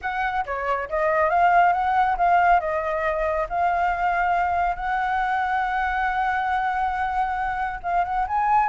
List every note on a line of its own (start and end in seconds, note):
0.01 0.45 F#5
0.45 0.89 C#5
0.89 1.29 D#5
1.29 1.72 F5
1.72 2.16 F#5
2.17 2.59 F5
2.59 3.46 D#5
3.49 4.75 F5
4.75 7.80 F#5
7.82 8.04 F5
8.04 8.26 F#5
8.27 8.69 G#5